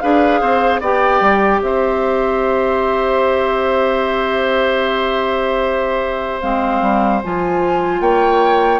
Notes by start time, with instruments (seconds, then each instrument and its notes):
0.00 bassoon D4, clarinet G#4, oboe B4, flute F5
0.41 bassoon C4, oboe C5
0.81 bassoon B3, clarinet G4, oboe D5, flute G5
1.21 bassoon G3
1.62 bassoon C4, oboe C5, flute E5
6.41 bassoon G#3, clarinet C4, flute F5
6.82 bassoon G3
7.24 bassoon F3, clarinet F4, flute G#5
8.01 bassoon A#3, oboe C#5, flute G5